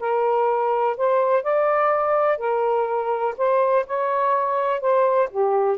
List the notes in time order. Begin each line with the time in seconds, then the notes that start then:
0.00 A#4
0.97 C5
1.43 D5
2.38 A#4
3.38 C5
3.87 C#5
4.81 C5
5.30 G4